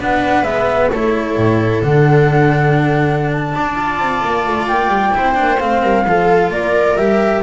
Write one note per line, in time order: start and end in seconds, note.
0.00 0.44 B3
0.00 0.45 D4
0.00 0.92 B4
0.00 0.44 F#5
0.44 0.90 G#3
0.44 0.91 B3
0.44 0.90 E5
0.92 1.37 A3
0.92 1.83 E4
0.92 3.55 A4
0.92 1.82 C#5
1.37 1.83 A2
1.82 3.54 D3
1.82 3.75 D4
1.82 3.31 F#5
3.32 4.68 A5
3.55 3.99 D4
3.55 5.15 D5
3.75 5.12 F4
3.99 4.22 C4
4.25 4.47 A#3
4.47 4.69 A3
4.68 4.88 A#3
4.68 5.60 G5
4.88 5.11 G3
5.13 5.40 C4
5.13 5.35 E4
5.13 5.82 C5
5.35 5.62 A#3
5.35 5.58 D4
5.60 5.83 A3
5.60 6.06 C4
5.60 6.52 F5
5.82 6.06 G3
5.82 6.05 A#4
6.06 6.50 F3
6.06 6.99 F4
6.06 6.53 A4
6.50 6.95 A#3
6.50 7.43 A#4
6.50 6.97 D5
6.97 7.43 G3
6.97 7.43 G4
6.97 7.43 E5